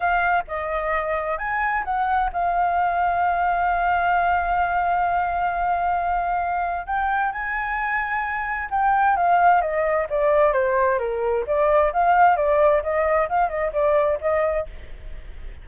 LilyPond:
\new Staff \with { instrumentName = "flute" } { \time 4/4 \tempo 4 = 131 f''4 dis''2 gis''4 | fis''4 f''2.~ | f''1~ | f''2. g''4 |
gis''2. g''4 | f''4 dis''4 d''4 c''4 | ais'4 d''4 f''4 d''4 | dis''4 f''8 dis''8 d''4 dis''4 | }